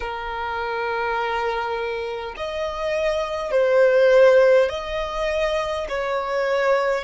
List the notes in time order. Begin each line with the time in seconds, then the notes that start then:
0.00 A#4
2.36 D#5
3.51 C5
4.69 D#5
5.88 C#5